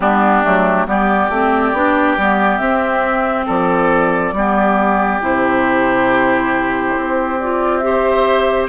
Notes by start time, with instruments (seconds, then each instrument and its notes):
0.00 bassoon G3, clarinet B3, oboe D4, flute G4
0.43 bassoon F#3, clarinet A3
0.86 bassoon G3, clarinet B3, oboe G4, flute D5
1.29 bassoon A3, clarinet C4
1.72 bassoon B3, clarinet D4
2.17 bassoon G3, clarinet B3
2.57 bassoon C4, clarinet C4, flute E5
3.46 bassoon F3, oboe A4, flute D5
4.32 bassoon G3, clarinet B3, oboe G4
5.21 bassoon C3, clarinet E4, flute C5
6.96 bassoon C4
7.40 clarinet F4, flute D5
7.78 clarinet G4, flute E5
7.85 oboe C5